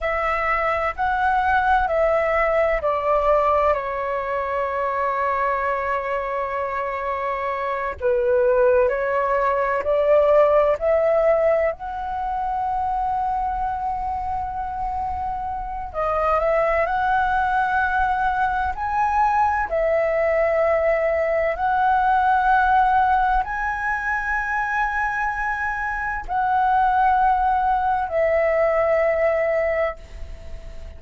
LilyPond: \new Staff \with { instrumentName = "flute" } { \time 4/4 \tempo 4 = 64 e''4 fis''4 e''4 d''4 | cis''1~ | cis''8 b'4 cis''4 d''4 e''8~ | e''8 fis''2.~ fis''8~ |
fis''4 dis''8 e''8 fis''2 | gis''4 e''2 fis''4~ | fis''4 gis''2. | fis''2 e''2 | }